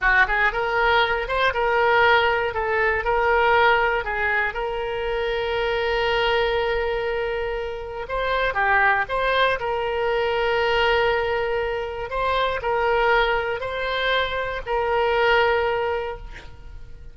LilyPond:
\new Staff \with { instrumentName = "oboe" } { \time 4/4 \tempo 4 = 119 fis'8 gis'8 ais'4. c''8 ais'4~ | ais'4 a'4 ais'2 | gis'4 ais'2.~ | ais'1 |
c''4 g'4 c''4 ais'4~ | ais'1 | c''4 ais'2 c''4~ | c''4 ais'2. | }